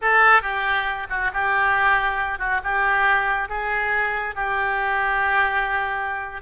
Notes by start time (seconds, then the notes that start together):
0.01 A4
0.42 G4
1.09 F#4
1.33 G4
2.39 F#4
2.63 G4
3.48 G#4
4.35 G4